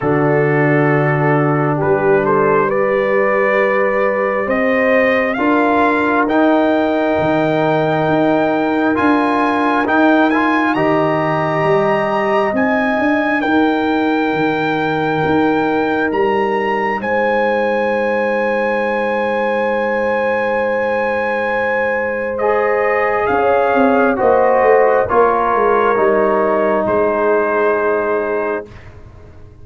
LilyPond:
<<
  \new Staff \with { instrumentName = "trumpet" } { \time 4/4 \tempo 4 = 67 a'2 b'8 c''8 d''4~ | d''4 dis''4 f''4 g''4~ | g''2 gis''4 g''8 gis''8 | ais''2 gis''4 g''4~ |
g''2 ais''4 gis''4~ | gis''1~ | gis''4 dis''4 f''4 dis''4 | cis''2 c''2 | }
  \new Staff \with { instrumentName = "horn" } { \time 4/4 fis'2 g'8 a'8 b'4~ | b'4 c''4 ais'2~ | ais'1 | dis''2. ais'4~ |
ais'2. c''4~ | c''1~ | c''2 cis''4 c''4 | ais'2 gis'2 | }
  \new Staff \with { instrumentName = "trombone" } { \time 4/4 d'2. g'4~ | g'2 f'4 dis'4~ | dis'2 f'4 dis'8 f'8 | g'2 dis'2~ |
dis'1~ | dis'1~ | dis'4 gis'2 fis'4 | f'4 dis'2. | }
  \new Staff \with { instrumentName = "tuba" } { \time 4/4 d2 g2~ | g4 c'4 d'4 dis'4 | dis4 dis'4 d'4 dis'4 | dis4 g4 c'8 d'8 dis'4 |
dis4 dis'4 g4 gis4~ | gis1~ | gis2 cis'8 c'8 ais8 a8 | ais8 gis8 g4 gis2 | }
>>